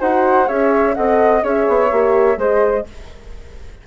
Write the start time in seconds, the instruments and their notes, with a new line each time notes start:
0.00 bassoon D#4, horn F#4, flute C5 F#5
0.47 bassoon C#4, horn G#4, flute C#5 E5
0.95 bassoon C4, horn A4, flute D#5 F#5
1.42 bassoon C#4, horn G#4, flute C#5 E5
1.68 bassoon B3
1.91 bassoon A#3, horn G4
2.37 bassoon G#3, horn G#4, flute C5 D#5